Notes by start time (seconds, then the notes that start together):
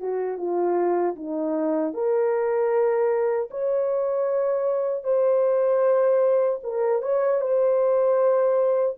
0.00 F#4
0.38 F4
1.16 D#4
1.94 A#4
3.51 C#5
5.04 C5
6.63 A#4
7.02 C#5
7.41 C5